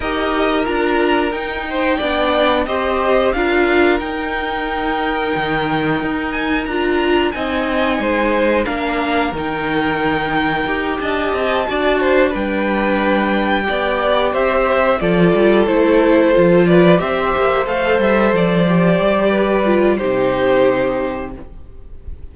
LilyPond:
<<
  \new Staff \with { instrumentName = "violin" } { \time 4/4 \tempo 4 = 90 dis''4 ais''4 g''2 | dis''4 f''4 g''2~ | g''4. gis''8 ais''4 gis''4~ | gis''4 f''4 g''2~ |
g''8 a''2 g''4.~ | g''4. e''4 d''4 c''8~ | c''4 d''8 e''4 f''8 e''8 d''8~ | d''2 c''2 | }
  \new Staff \with { instrumentName = "violin" } { \time 4/4 ais'2~ ais'8 c''8 d''4 | c''4 ais'2.~ | ais'2. dis''4 | c''4 ais'2.~ |
ais'8 dis''4 d''8 c''8 b'4.~ | b'8 d''4 c''4 a'4.~ | a'4 b'8 c''2~ c''8~ | c''4 b'4 g'2 | }
  \new Staff \with { instrumentName = "viola" } { \time 4/4 g'4 f'4 dis'4 d'4 | g'4 f'4 dis'2~ | dis'2 f'4 dis'4~ | dis'4 d'4 dis'2 |
g'4. fis'4 d'4.~ | d'8 g'2 f'4 e'8~ | e'8 f'4 g'4 a'4. | g'4. f'8 dis'2 | }
  \new Staff \with { instrumentName = "cello" } { \time 4/4 dis'4 d'4 dis'4 b4 | c'4 d'4 dis'2 | dis4 dis'4 d'4 c'4 | gis4 ais4 dis2 |
dis'8 d'8 c'8 d'4 g4.~ | g8 b4 c'4 f8 g8 a8~ | a8 f4 c'8 ais8 a8 g8 f8~ | f8 g4. c2 | }
>>